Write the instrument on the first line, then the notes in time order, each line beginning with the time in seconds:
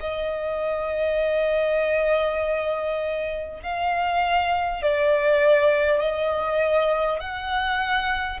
violin
0.00 D#5
3.63 F5
4.82 D5
6.00 D#5
7.20 F#5